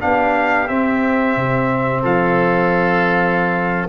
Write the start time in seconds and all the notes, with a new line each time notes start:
0.00 B3 D4 G4 F5
0.68 C4 E5
1.36 C3
2.02 F3 A4 F5